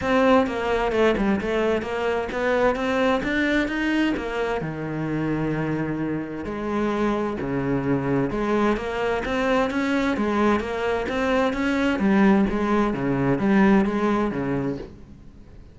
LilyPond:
\new Staff \with { instrumentName = "cello" } { \time 4/4 \tempo 4 = 130 c'4 ais4 a8 g8 a4 | ais4 b4 c'4 d'4 | dis'4 ais4 dis2~ | dis2 gis2 |
cis2 gis4 ais4 | c'4 cis'4 gis4 ais4 | c'4 cis'4 g4 gis4 | cis4 g4 gis4 cis4 | }